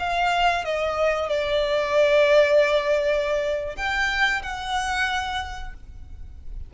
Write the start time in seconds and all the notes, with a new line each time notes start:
0.00 F5
0.65 D#5
1.29 D5
3.77 G5
4.42 F#5